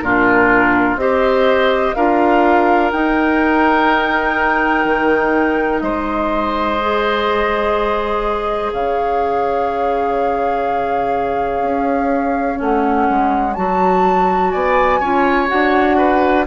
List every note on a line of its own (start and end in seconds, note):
0.00 0.96 A#2
0.00 0.99 D4
0.00 1.01 F4
0.00 0.97 A#4
0.96 1.93 C4
0.96 1.96 G4
0.96 1.96 C5
0.96 1.95 D#5
1.95 2.93 D4
1.95 2.93 F4
1.95 5.83 A#4
1.95 2.92 F5
2.92 6.80 D#4
2.92 4.85 D#4
2.92 5.81 G5
4.85 5.82 D#3
5.81 8.72 G#3
5.81 8.73 C5
5.81 8.71 D#5
6.81 12.56 G#4
8.73 11.62 C#3
8.73 14.52 C#5
8.73 12.60 F5
11.62 12.59 C#4
12.56 13.09 A3
12.56 13.53 C#4
12.56 13.54 F#5
13.09 13.57 G#3
13.54 14.54 F#3
13.54 15.02 F#4
13.54 14.51 A5
14.51 15.01 B3
14.51 15.00 D5
14.51 15.48 G#5
15.00 15.49 C#4
15.00 15.48 F4
15.00 15.97 C#5
15.48 16.48 D4
15.48 16.45 F#4
15.48 16.46 F#5
15.98 16.46 B4